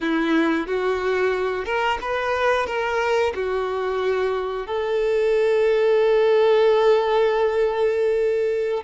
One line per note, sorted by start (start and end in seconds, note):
0.00 0.67 E4
0.67 1.65 F#4
1.65 1.98 A#4
2.01 2.66 B4
2.66 3.33 A#4
3.35 4.66 F#4
4.66 8.83 A4